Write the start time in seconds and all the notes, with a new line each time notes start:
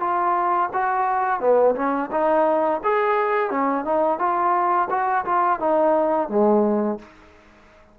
0.00 F4
0.74 F#4
1.40 B3
1.76 C#4
2.11 D#4
2.84 G#4
3.50 C#4
3.85 D#4
4.19 F4
4.90 F#4
5.25 F4
5.60 D#4
6.29 G#3